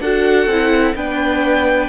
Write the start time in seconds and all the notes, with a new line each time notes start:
0.00 D4 F#4 A4 F#5
0.46 C4 E4
0.95 B3 D4 B4 G5